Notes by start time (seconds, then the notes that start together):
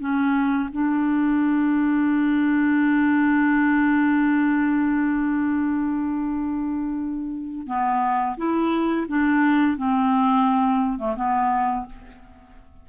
0.00 C#4
0.72 D4
7.67 B3
8.38 E4
9.08 D4
9.77 C4
10.99 A3
11.17 B3